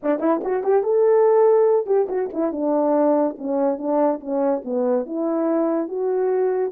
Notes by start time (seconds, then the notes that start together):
0.02 D4
0.19 E4
0.44 F#4
0.63 G4
0.83 A4
1.86 G4
2.08 F#4
2.33 E4
2.52 D4
3.38 C#4
3.78 D4
4.20 C#4
4.64 B3
5.06 E4
5.88 F#4